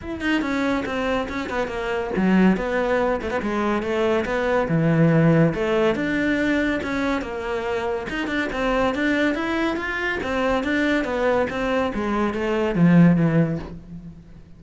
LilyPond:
\new Staff \with { instrumentName = "cello" } { \time 4/4 \tempo 4 = 141 e'8 dis'8 cis'4 c'4 cis'8 b8 | ais4 fis4 b4. a16 b16 | gis4 a4 b4 e4~ | e4 a4 d'2 |
cis'4 ais2 dis'8 d'8 | c'4 d'4 e'4 f'4 | c'4 d'4 b4 c'4 | gis4 a4 f4 e4 | }